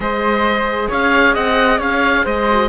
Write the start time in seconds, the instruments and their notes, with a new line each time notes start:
0.00 cello G#3, viola G#4, flute C5, oboe D#5
0.89 cello C#4, flute C#5, oboe F5
1.34 cello C4, flute D#5, oboe F#5
1.78 cello C#4, flute C#5, oboe F5
2.23 cello G#3, flute C5, oboe D#5
2.49 viola F#4